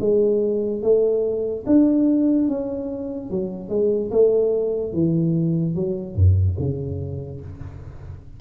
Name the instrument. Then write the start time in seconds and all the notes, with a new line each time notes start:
tuba
0.00 G#3
0.82 A3
1.66 D4
2.48 C#4
3.30 F#3
3.69 G#3
4.11 A3
4.93 E3
5.75 F#3
6.15 F#2
6.58 C#3